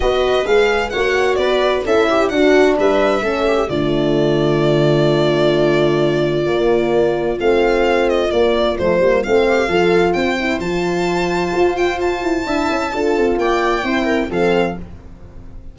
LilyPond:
<<
  \new Staff \with { instrumentName = "violin" } { \time 4/4 \tempo 4 = 130 dis''4 f''4 fis''4 d''4 | e''4 fis''4 e''2 | d''1~ | d''1 |
f''4. dis''8 d''4 c''4 | f''2 g''4 a''4~ | a''4. g''8 a''2~ | a''4 g''2 f''4 | }
  \new Staff \with { instrumentName = "viola" } { \time 4/4 b'2 cis''4 b'4 | a'8 g'8 fis'4 b'4 a'8 g'8 | f'1~ | f'1~ |
f'1~ | f'8 g'8 a'4 c''2~ | c''2. e''4 | a'4 d''4 c''8 ais'8 a'4 | }
  \new Staff \with { instrumentName = "horn" } { \time 4/4 fis'4 gis'4 fis'2 | e'4 d'2 cis'4 | a1~ | a2 ais2 |
c'2 ais4 a8 ais8 | c'4 f'4. e'8 f'4~ | f'2. e'4 | f'2 e'4 c'4 | }
  \new Staff \with { instrumentName = "tuba" } { \time 4/4 b4 gis4 ais4 b4 | cis'4 d'4 g4 a4 | d1~ | d2 ais2 |
a2 ais4 f8 g8 | a4 f4 c'4 f4~ | f4 f'4. e'8 d'8 cis'8 | d'8 c'8 ais4 c'4 f4 | }
>>